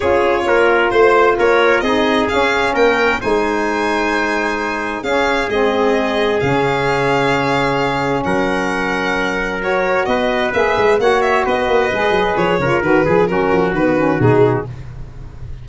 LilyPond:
<<
  \new Staff \with { instrumentName = "violin" } { \time 4/4 \tempo 4 = 131 cis''2 c''4 cis''4 | dis''4 f''4 g''4 gis''4~ | gis''2. f''4 | dis''2 f''2~ |
f''2 fis''2~ | fis''4 cis''4 dis''4 e''4 | fis''8 e''8 dis''2 cis''4 | b'4 ais'4 b'4 gis'4 | }
  \new Staff \with { instrumentName = "trumpet" } { \time 4/4 gis'4 ais'4 c''4 ais'4 | gis'2 ais'4 c''4~ | c''2. gis'4~ | gis'1~ |
gis'2 ais'2~ | ais'2 b'2 | cis''4 b'2~ b'8 ais'8~ | ais'8 gis'8 fis'2. | }
  \new Staff \with { instrumentName = "saxophone" } { \time 4/4 f'1 | dis'4 cis'2 dis'4~ | dis'2. cis'4 | c'2 cis'2~ |
cis'1~ | cis'4 fis'2 gis'4 | fis'2 gis'4. f'8 | fis'8 gis'8 cis'4 b8 cis'8 dis'4 | }
  \new Staff \with { instrumentName = "tuba" } { \time 4/4 cis'4 ais4 a4 ais4 | c'4 cis'4 ais4 gis4~ | gis2. cis'4 | gis2 cis2~ |
cis2 fis2~ | fis2 b4 ais8 gis8 | ais4 b8 ais8 gis8 fis8 f8 cis8 | dis8 f8 fis8 f8 dis4 b,4 | }
>>